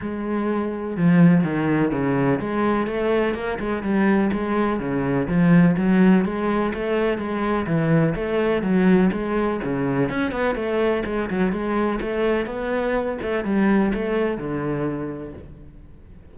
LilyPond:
\new Staff \with { instrumentName = "cello" } { \time 4/4 \tempo 4 = 125 gis2 f4 dis4 | cis4 gis4 a4 ais8 gis8 | g4 gis4 cis4 f4 | fis4 gis4 a4 gis4 |
e4 a4 fis4 gis4 | cis4 cis'8 b8 a4 gis8 fis8 | gis4 a4 b4. a8 | g4 a4 d2 | }